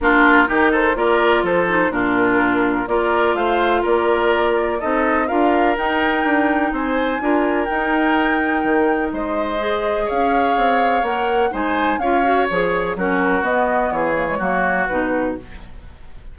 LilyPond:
<<
  \new Staff \with { instrumentName = "flute" } { \time 4/4 \tempo 4 = 125 ais'4. c''8 d''4 c''4 | ais'2 d''4 f''4 | d''2 dis''4 f''4 | g''2 gis''2 |
g''2. dis''4~ | dis''4 f''2 fis''4 | gis''4 f''4 cis''4 ais'4 | dis''4 cis''2 b'4 | }
  \new Staff \with { instrumentName = "oboe" } { \time 4/4 f'4 g'8 a'8 ais'4 a'4 | f'2 ais'4 c''4 | ais'2 a'4 ais'4~ | ais'2 c''4 ais'4~ |
ais'2. c''4~ | c''4 cis''2. | c''4 cis''2 fis'4~ | fis'4 gis'4 fis'2 | }
  \new Staff \with { instrumentName = "clarinet" } { \time 4/4 d'4 dis'4 f'4. dis'8 | d'2 f'2~ | f'2 dis'4 f'4 | dis'2. f'4 |
dis'1 | gis'2. ais'4 | dis'4 f'8 fis'8 gis'4 cis'4 | b4. ais16 gis16 ais4 dis'4 | }
  \new Staff \with { instrumentName = "bassoon" } { \time 4/4 ais4 dis4 ais4 f4 | ais,2 ais4 a4 | ais2 c'4 d'4 | dis'4 d'4 c'4 d'4 |
dis'2 dis4 gis4~ | gis4 cis'4 c'4 ais4 | gis4 cis'4 f4 fis4 | b4 e4 fis4 b,4 | }
>>